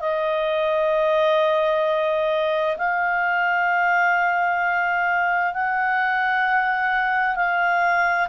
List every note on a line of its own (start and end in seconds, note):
0.00 2.77 D#5
2.78 5.54 F5
5.54 7.36 F#5
7.36 8.28 F5